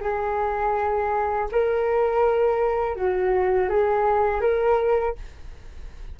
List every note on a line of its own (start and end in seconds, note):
0.00 1.48 G#4
1.51 2.96 A#4
2.96 3.69 F#4
3.69 4.41 G#4
4.41 5.15 A#4